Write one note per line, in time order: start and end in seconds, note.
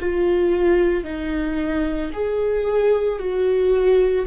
0.00 1.04 F4
1.04 2.11 D#4
2.13 3.19 G#4
3.19 4.26 F#4